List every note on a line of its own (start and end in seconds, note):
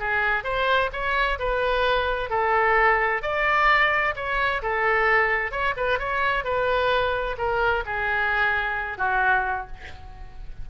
0.00 0.44 G#4
0.44 0.91 C5
0.93 1.39 C#5
1.40 2.30 B4
2.30 3.23 A4
3.23 4.15 D5
4.16 4.62 C#5
4.63 5.52 A4
5.52 5.75 C#5
5.77 5.99 B4
5.99 6.44 C#5
6.44 7.37 B4
7.38 7.84 A#4
7.86 8.98 G#4
8.98 9.68 F#4